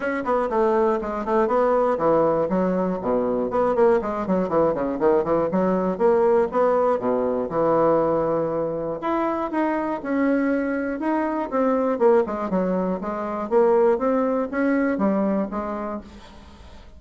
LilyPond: \new Staff \with { instrumentName = "bassoon" } { \time 4/4 \tempo 4 = 120 cis'8 b8 a4 gis8 a8 b4 | e4 fis4 b,4 b8 ais8 | gis8 fis8 e8 cis8 dis8 e8 fis4 | ais4 b4 b,4 e4~ |
e2 e'4 dis'4 | cis'2 dis'4 c'4 | ais8 gis8 fis4 gis4 ais4 | c'4 cis'4 g4 gis4 | }